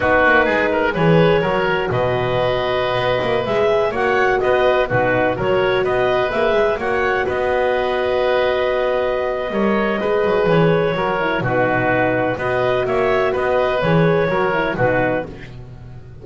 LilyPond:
<<
  \new Staff \with { instrumentName = "clarinet" } { \time 4/4 \tempo 4 = 126 b'2 cis''2 | dis''2.~ dis''16 e''8.~ | e''16 fis''4 dis''4 b'4 cis''8.~ | cis''16 dis''4 e''4 fis''4 dis''8.~ |
dis''1~ | dis''2 cis''2 | b'2 dis''4 e''4 | dis''4 cis''2 b'4 | }
  \new Staff \with { instrumentName = "oboe" } { \time 4/4 fis'4 gis'8 ais'8 b'4 ais'4 | b'1~ | b'16 cis''4 b'4 fis'4 ais'8.~ | ais'16 b'2 cis''4 b'8.~ |
b'1 | cis''4 b'2 ais'4 | fis'2 b'4 cis''4 | b'2 ais'4 fis'4 | }
  \new Staff \with { instrumentName = "horn" } { \time 4/4 dis'2 gis'4 fis'4~ | fis'2.~ fis'16 gis'8.~ | gis'16 fis'2 dis'4 fis'8.~ | fis'4~ fis'16 gis'4 fis'4.~ fis'16~ |
fis'1 | ais'4 gis'2 fis'8 e'8 | dis'2 fis'2~ | fis'4 gis'4 fis'8 e'8 dis'4 | }
  \new Staff \with { instrumentName = "double bass" } { \time 4/4 b8 ais8 gis4 e4 fis4 | b,2~ b,16 b8 ais8 gis8.~ | gis16 ais4 b4 b,4 fis8.~ | fis16 b4 ais8 gis8 ais4 b8.~ |
b1 | g4 gis8 fis8 e4 fis4 | b,2 b4 ais4 | b4 e4 fis4 b,4 | }
>>